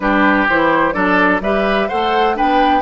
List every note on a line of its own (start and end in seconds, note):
0.00 0.47 G3
0.00 0.48 D4
0.00 0.94 G4
0.00 0.47 B4
0.48 0.94 E3
0.48 0.93 E4
0.48 0.93 C5
0.93 1.40 F#3
0.93 1.40 D4
0.93 1.41 A4
0.93 1.40 D5
1.40 1.88 G3
1.40 1.90 G4
1.40 1.88 B4
1.40 1.88 E5
1.88 2.40 A3
1.88 2.34 A4
1.88 2.35 C5
1.88 2.36 F#5
2.34 2.81 B3
2.34 2.81 D4
2.34 2.81 B4
2.34 2.81 G5